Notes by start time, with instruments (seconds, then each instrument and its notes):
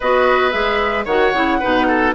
0.00 bassoon B3, clarinet F#4, oboe B4, flute D#5
0.50 bassoon G#3, clarinet G#4, flute E5
1.05 bassoon D#3, clarinet F#4, oboe C#5, flute F#5
1.33 bassoon C#3, clarinet E4
1.59 bassoon B2, clarinet D#4, oboe B4
1.87 oboe A4